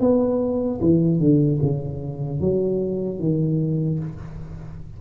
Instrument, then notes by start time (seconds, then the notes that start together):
tuba
0.00 B3
0.81 E3
1.19 D3
1.62 C#3
2.40 F#3
3.19 D#3